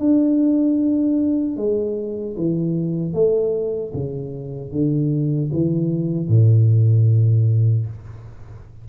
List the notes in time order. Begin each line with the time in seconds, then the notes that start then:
0.00 D4
1.57 G#3
2.37 E3
3.14 A3
3.94 C#3
4.72 D3
5.52 E3
6.29 A2